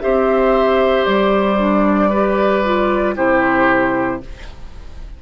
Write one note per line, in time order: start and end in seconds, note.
0.00 1.06 C4
0.00 1.57 G4
0.00 2.09 C5
0.00 1.05 E5
1.05 3.16 G3
1.05 3.15 D5
1.57 2.10 D4
2.09 2.64 G4
2.09 3.15 B4
2.64 3.15 F4
3.15 4.21 C3
3.15 4.20 E4
3.15 4.21 G4
3.15 4.22 C5